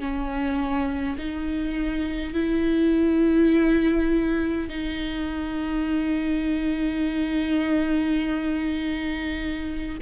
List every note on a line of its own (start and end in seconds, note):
0.00 1.18 C#4
1.18 2.34 D#4
2.34 4.69 E4
4.69 9.98 D#4